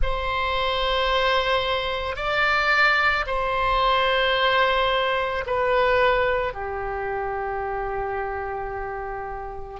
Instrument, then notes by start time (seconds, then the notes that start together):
oboe
0.02 C5
2.16 D5
3.26 C5
5.46 B4
6.53 G4